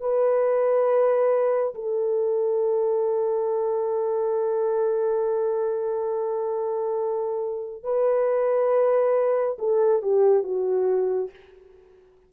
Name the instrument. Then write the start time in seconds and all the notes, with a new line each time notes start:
horn
0.00 B4
1.74 A4
7.83 B4
9.58 A4
10.02 G4
10.43 F#4